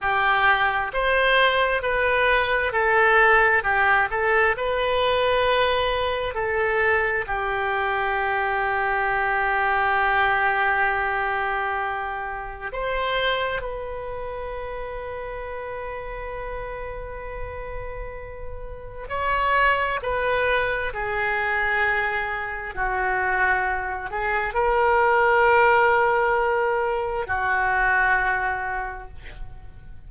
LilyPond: \new Staff \with { instrumentName = "oboe" } { \time 4/4 \tempo 4 = 66 g'4 c''4 b'4 a'4 | g'8 a'8 b'2 a'4 | g'1~ | g'2 c''4 b'4~ |
b'1~ | b'4 cis''4 b'4 gis'4~ | gis'4 fis'4. gis'8 ais'4~ | ais'2 fis'2 | }